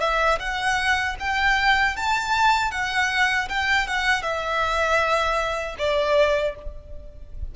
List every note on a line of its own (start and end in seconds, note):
0.00 0.39 E5
0.39 1.16 F#5
1.20 1.97 G5
1.97 2.71 A5
2.71 3.48 F#5
3.49 3.87 G5
3.87 4.22 F#5
4.22 5.76 E5
5.78 6.55 D5